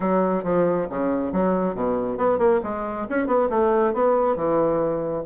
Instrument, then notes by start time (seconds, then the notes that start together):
bassoon
0.00 F#3
0.43 F3
0.89 C#3
1.32 F#3
1.74 B2
2.17 B3
2.38 A#3
2.63 G#3
3.09 C#4
3.26 B3
3.49 A3
3.93 B3
4.36 E3